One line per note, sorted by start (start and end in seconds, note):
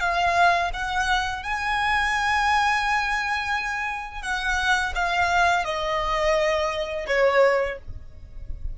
0.00 0.71 F5
0.73 1.43 F#5
1.43 4.22 G#5
4.22 4.93 F#5
4.95 5.65 F5
5.65 7.06 D#5
7.07 7.78 C#5